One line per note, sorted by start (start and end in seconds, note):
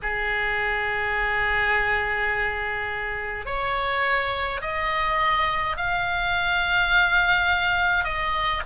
0.02 3.45 G#4
3.45 4.60 C#5
4.61 5.76 D#5
5.76 8.04 F5
8.04 8.62 D#5